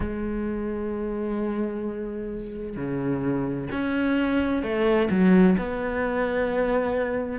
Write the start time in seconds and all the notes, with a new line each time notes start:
0.00 G#3
2.76 C#3
3.71 C#4
4.62 A3
5.10 F#3
5.58 B3